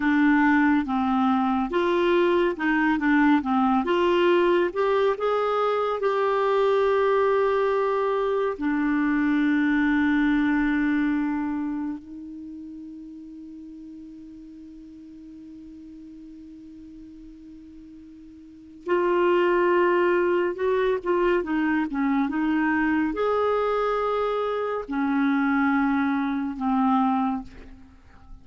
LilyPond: \new Staff \with { instrumentName = "clarinet" } { \time 4/4 \tempo 4 = 70 d'4 c'4 f'4 dis'8 d'8 | c'8 f'4 g'8 gis'4 g'4~ | g'2 d'2~ | d'2 dis'2~ |
dis'1~ | dis'2 f'2 | fis'8 f'8 dis'8 cis'8 dis'4 gis'4~ | gis'4 cis'2 c'4 | }